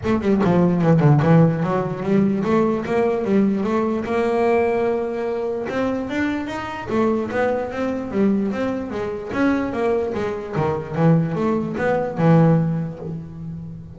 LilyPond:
\new Staff \with { instrumentName = "double bass" } { \time 4/4 \tempo 4 = 148 a8 g8 f4 e8 d8 e4 | fis4 g4 a4 ais4 | g4 a4 ais2~ | ais2 c'4 d'4 |
dis'4 a4 b4 c'4 | g4 c'4 gis4 cis'4 | ais4 gis4 dis4 e4 | a4 b4 e2 | }